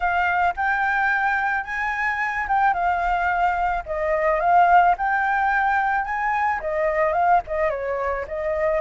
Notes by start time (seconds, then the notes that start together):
0.00 F5
0.56 G5
1.64 G#5
2.48 G5
2.73 F5
3.86 D#5
4.40 F5
4.97 G5
6.05 G#5
6.60 D#5
7.13 F5
7.47 D#5
7.70 C#5
8.27 D#5